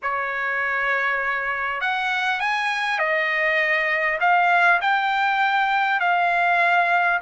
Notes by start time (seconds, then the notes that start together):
0.02 C#5
1.80 F#5
2.40 G#5
2.98 D#5
4.20 F5
4.81 G5
6.00 F5